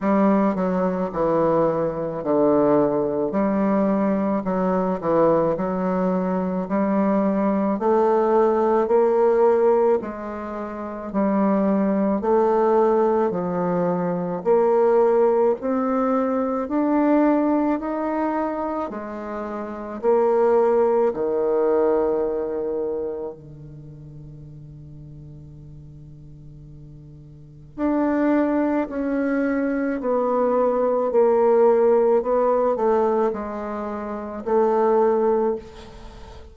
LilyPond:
\new Staff \with { instrumentName = "bassoon" } { \time 4/4 \tempo 4 = 54 g8 fis8 e4 d4 g4 | fis8 e8 fis4 g4 a4 | ais4 gis4 g4 a4 | f4 ais4 c'4 d'4 |
dis'4 gis4 ais4 dis4~ | dis4 d2.~ | d4 d'4 cis'4 b4 | ais4 b8 a8 gis4 a4 | }